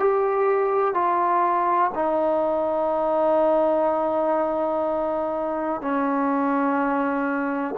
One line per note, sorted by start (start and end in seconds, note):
0.00 0.95 G4
0.95 1.91 F4
1.95 5.82 D#4
5.82 7.76 C#4